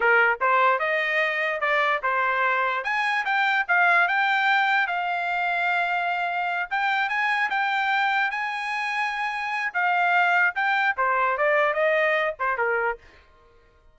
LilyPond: \new Staff \with { instrumentName = "trumpet" } { \time 4/4 \tempo 4 = 148 ais'4 c''4 dis''2 | d''4 c''2 gis''4 | g''4 f''4 g''2 | f''1~ |
f''8 g''4 gis''4 g''4.~ | g''8 gis''2.~ gis''8 | f''2 g''4 c''4 | d''4 dis''4. c''8 ais'4 | }